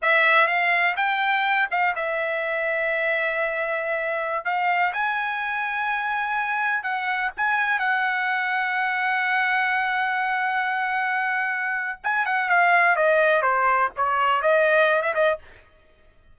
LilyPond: \new Staff \with { instrumentName = "trumpet" } { \time 4/4 \tempo 4 = 125 e''4 f''4 g''4. f''8 | e''1~ | e''4~ e''16 f''4 gis''4.~ gis''16~ | gis''2~ gis''16 fis''4 gis''8.~ |
gis''16 fis''2.~ fis''8.~ | fis''1~ | fis''4 gis''8 fis''8 f''4 dis''4 | c''4 cis''4 dis''4~ dis''16 e''16 dis''8 | }